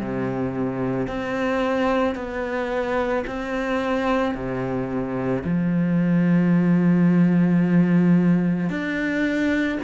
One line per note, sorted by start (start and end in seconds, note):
0.00 1.08 C3
1.08 2.16 C4
2.16 3.25 B3
3.27 4.34 C4
4.34 5.43 C3
5.44 8.70 F3
8.70 9.79 D4